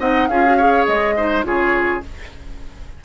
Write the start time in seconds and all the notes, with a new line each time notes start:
0.00 C4 D#4 D#5 F#5
0.28 C#4 F4 G#4 F5
0.46 F#4
0.57 G#4 C#5
0.87 G#3 D#5
1.17 D#4 C5
1.44 C#3 F4 G#4 C#5